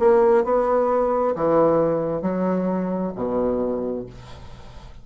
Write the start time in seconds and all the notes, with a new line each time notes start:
0.00 A#3
0.45 B3
1.36 E3
2.22 F#3
3.16 B2